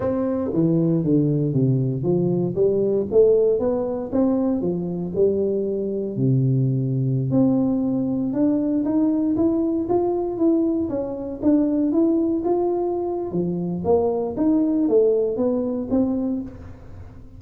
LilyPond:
\new Staff \with { instrumentName = "tuba" } { \time 4/4 \tempo 4 = 117 c'4 e4 d4 c4 | f4 g4 a4 b4 | c'4 f4 g2 | c2~ c16 c'4.~ c'16~ |
c'16 d'4 dis'4 e'4 f'8.~ | f'16 e'4 cis'4 d'4 e'8.~ | e'16 f'4.~ f'16 f4 ais4 | dis'4 a4 b4 c'4 | }